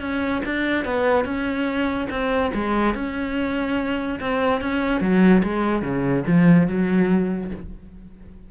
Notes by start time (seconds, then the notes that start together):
0.00 C#4
0.45 D4
0.84 B3
1.24 C#4
2.09 C4
2.53 G#3
2.94 C#4
4.20 C4
4.61 C#4
5.00 F#3
5.43 G#3
5.82 C#3
6.27 F3
6.67 F#3